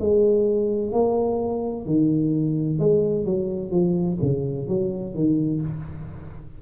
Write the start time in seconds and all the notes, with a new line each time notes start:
0.00 G#3
0.92 A#3
1.86 D#3
2.80 G#3
3.25 F#3
3.71 F3
4.22 C#3
4.68 F#3
5.15 D#3